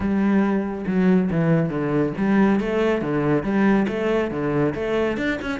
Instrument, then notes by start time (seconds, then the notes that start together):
cello
0.00 G3
0.86 F#3
1.30 E3
1.69 D3
2.17 G3
2.60 A3
3.01 D3
3.43 G3
3.88 A3
4.30 D3
4.75 A3
5.17 D4
5.41 C#4